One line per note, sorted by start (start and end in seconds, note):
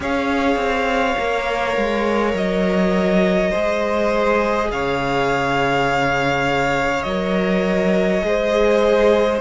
0.00 0.56 C#4
0.00 1.17 G#4
0.00 3.50 C#5
0.00 2.37 F5
0.56 1.14 C4
1.18 1.76 A#3
1.18 3.52 A#4
1.76 2.33 G#3
2.33 3.51 F#3
2.33 4.71 D#5
3.50 4.71 G#3
3.50 7.05 G#4
3.50 4.68 C5
4.71 7.04 C#3
4.71 8.26 C#5
4.71 7.02 F5
7.02 8.22 F#3
7.02 8.21 A#4
7.02 9.38 D#5
8.21 9.40 G#3
8.21 9.39 G#4
8.21 9.40 C5